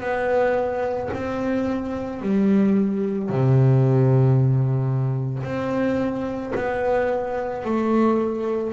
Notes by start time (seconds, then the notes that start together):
0.00 B3
1.14 C4
2.21 G3
3.29 C3
5.43 C4
6.55 B3
7.64 A3